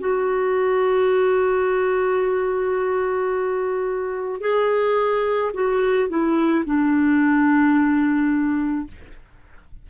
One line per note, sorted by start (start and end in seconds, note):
0.00 4.41 F#4
4.41 5.52 G#4
5.54 6.09 F#4
6.09 6.65 E4
6.66 8.88 D4